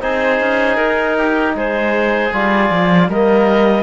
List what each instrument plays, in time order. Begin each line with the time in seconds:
0.00 cello C4, trombone D#4, oboe G#4, clarinet C5
0.40 cello C#4
0.76 cello D#4, clarinet A#4
1.17 oboe G4
1.55 cello G#3, oboe G#4, clarinet C5
2.32 cello G3, trombone F4, clarinet D5
2.70 cello F3
3.08 cello G3, trombone A#3, oboe A#4, clarinet D#5